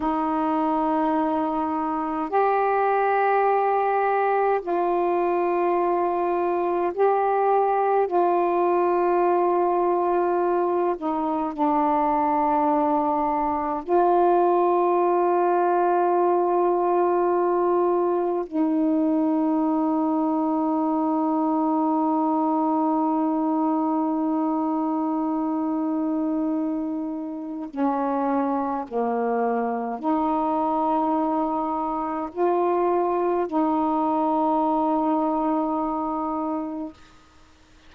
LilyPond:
\new Staff \with { instrumentName = "saxophone" } { \time 4/4 \tempo 4 = 52 dis'2 g'2 | f'2 g'4 f'4~ | f'4. dis'8 d'2 | f'1 |
dis'1~ | dis'1 | cis'4 ais4 dis'2 | f'4 dis'2. | }